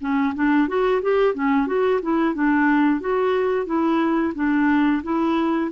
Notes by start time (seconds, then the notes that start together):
0.00 C#4
0.34 D4
0.67 F#4
1.02 G4
1.34 C#4
1.66 F#4
2.02 E4
2.34 D4
3.00 F#4
3.66 E4
4.35 D4
5.03 E4